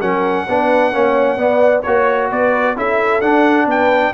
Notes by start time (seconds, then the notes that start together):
0.00 F#3 C#4 A#4 F#5
0.48 B3 D4 B4
0.92 A#3 C#4 C#5
1.37 B3 D5
1.82 A#3 F#4 C#5
2.30 B3 B4 D5
2.76 C#4 E4 A4 E5
3.21 D4 F#5
3.67 B3 B4 G5